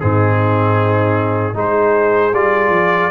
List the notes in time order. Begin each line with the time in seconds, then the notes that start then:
0.00 G#2 C4 D#4 G#4
1.54 G#3 D#4 G#4 C5
2.33 G3 F4 D5
2.70 F3